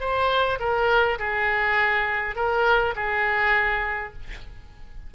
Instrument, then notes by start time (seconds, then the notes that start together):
oboe
0.00 C5
0.60 A#4
1.19 G#4
2.36 A#4
2.96 G#4